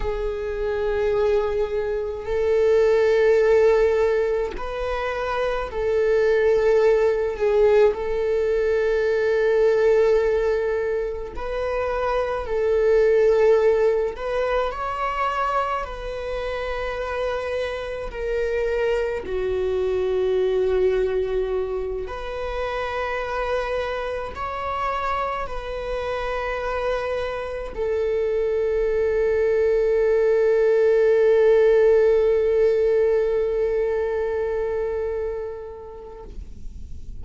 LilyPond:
\new Staff \with { instrumentName = "viola" } { \time 4/4 \tempo 4 = 53 gis'2 a'2 | b'4 a'4. gis'8 a'4~ | a'2 b'4 a'4~ | a'8 b'8 cis''4 b'2 |
ais'4 fis'2~ fis'8 b'8~ | b'4. cis''4 b'4.~ | b'8 a'2.~ a'8~ | a'1 | }